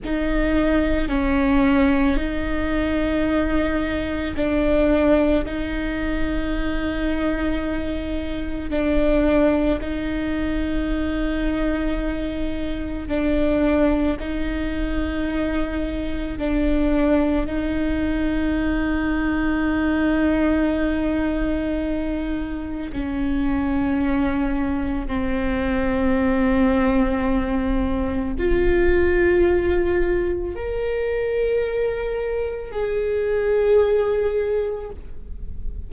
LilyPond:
\new Staff \with { instrumentName = "viola" } { \time 4/4 \tempo 4 = 55 dis'4 cis'4 dis'2 | d'4 dis'2. | d'4 dis'2. | d'4 dis'2 d'4 |
dis'1~ | dis'4 cis'2 c'4~ | c'2 f'2 | ais'2 gis'2 | }